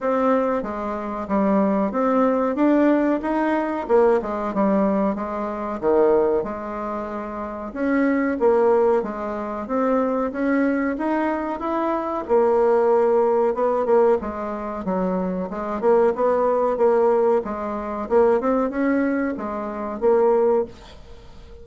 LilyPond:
\new Staff \with { instrumentName = "bassoon" } { \time 4/4 \tempo 4 = 93 c'4 gis4 g4 c'4 | d'4 dis'4 ais8 gis8 g4 | gis4 dis4 gis2 | cis'4 ais4 gis4 c'4 |
cis'4 dis'4 e'4 ais4~ | ais4 b8 ais8 gis4 fis4 | gis8 ais8 b4 ais4 gis4 | ais8 c'8 cis'4 gis4 ais4 | }